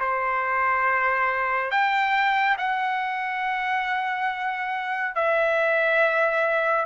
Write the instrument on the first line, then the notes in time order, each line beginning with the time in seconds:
trumpet
0.00 C5
1.71 G5
2.58 F#5
5.15 E5